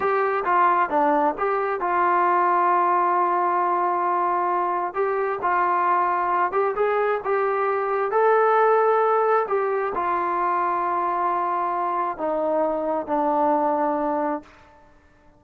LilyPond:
\new Staff \with { instrumentName = "trombone" } { \time 4/4 \tempo 4 = 133 g'4 f'4 d'4 g'4 | f'1~ | f'2. g'4 | f'2~ f'8 g'8 gis'4 |
g'2 a'2~ | a'4 g'4 f'2~ | f'2. dis'4~ | dis'4 d'2. | }